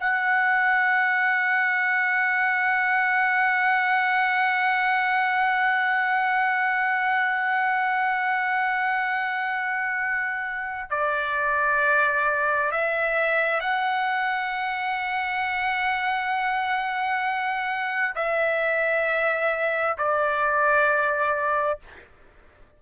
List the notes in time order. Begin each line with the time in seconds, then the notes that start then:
0.00 F#5
10.90 D5
12.71 E5
13.60 F#5
18.15 E5
19.98 D5